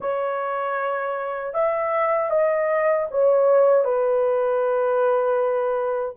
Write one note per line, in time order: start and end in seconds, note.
0.00 1.53 C#5
1.53 2.30 E5
2.30 3.07 D#5
3.10 3.84 C#5
3.84 6.15 B4